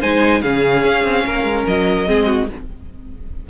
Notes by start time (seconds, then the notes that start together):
0.00 G#3 D#4 C5 G#5
0.42 C#3 C#4 G#4 F5
0.84 C#4
1.03 C4
1.25 A#3 A#4
1.43 G#3
1.67 F#3 D#5
2.06 G#3 C4 G#4
2.26 F#4